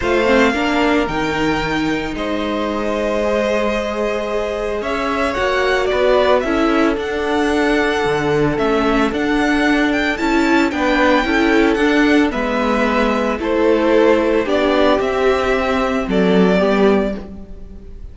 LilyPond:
<<
  \new Staff \with { instrumentName = "violin" } { \time 4/4 \tempo 4 = 112 f''2 g''2 | dis''1~ | dis''4 e''4 fis''4 d''4 | e''4 fis''2. |
e''4 fis''4. g''8 a''4 | g''2 fis''4 e''4~ | e''4 c''2 d''4 | e''2 d''2 | }
  \new Staff \with { instrumentName = "violin" } { \time 4/4 c''4 ais'2. | c''1~ | c''4 cis''2 b'4 | a'1~ |
a'1 | b'4 a'2 b'4~ | b'4 a'2 g'4~ | g'2 a'4 g'4 | }
  \new Staff \with { instrumentName = "viola" } { \time 4/4 f'8 c'8 d'4 dis'2~ | dis'2 gis'2~ | gis'2 fis'2 | e'4 d'2. |
cis'4 d'2 e'4 | d'4 e'4 d'4 b4~ | b4 e'2 d'4 | c'2. b4 | }
  \new Staff \with { instrumentName = "cello" } { \time 4/4 a4 ais4 dis2 | gis1~ | gis4 cis'4 ais4 b4 | cis'4 d'2 d4 |
a4 d'2 cis'4 | b4 cis'4 d'4 gis4~ | gis4 a2 b4 | c'2 fis4 g4 | }
>>